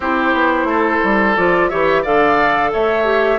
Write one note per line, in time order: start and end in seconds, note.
0.00 0.34 C4
0.00 1.36 E4
0.00 0.67 G4
0.00 1.36 C5
0.34 0.64 B3
0.64 0.98 A3
0.64 1.70 A4
1.04 1.37 G3
1.36 1.71 F3
1.36 1.70 F4
1.36 1.68 D5
1.68 2.05 E3
1.68 2.04 G4
1.68 2.02 C#5
1.68 2.02 E5
2.02 2.73 D3
2.02 3.04 A4
2.02 2.70 D5
2.02 2.72 F5
2.72 3.39 A3
2.72 3.39 C#5
2.72 3.39 E5
3.04 3.38 G4